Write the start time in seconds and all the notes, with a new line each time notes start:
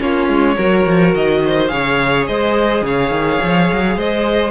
0.00 A#3 C#4 F4 C#5
0.29 G#3
0.56 F#3 F#4 A#4
0.86 F3
1.15 D#3 D#5
1.46 C5
1.68 C#3 G#4 C#5 F5
2.27 G#3 C5 D#5
2.82 C#3 C#5 F5
3.11 D#3
3.43 F3
3.73 F#3
3.97 G#3 C5 D#5